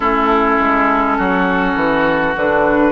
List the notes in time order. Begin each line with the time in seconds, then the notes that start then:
0.00 A3 C#4 E4 A4
0.59 G#3
1.17 F#3 F#4
1.75 E3
2.36 D3 D4 B4